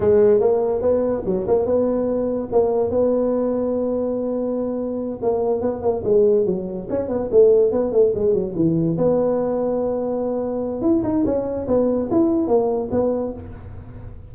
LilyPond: \new Staff \with { instrumentName = "tuba" } { \time 4/4 \tempo 4 = 144 gis4 ais4 b4 fis8 ais8 | b2 ais4 b4~ | b1~ | b8 ais4 b8 ais8 gis4 fis8~ |
fis8 cis'8 b8 a4 b8 a8 gis8 | fis8 e4 b2~ b8~ | b2 e'8 dis'8 cis'4 | b4 e'4 ais4 b4 | }